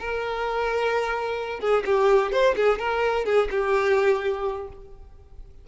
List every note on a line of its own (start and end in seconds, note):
0.00 1.60 A#4
1.60 1.84 G#4
1.86 2.32 G4
2.32 2.55 C5
2.56 2.79 G#4
2.79 3.26 A#4
3.26 3.49 G#4
3.51 4.68 G4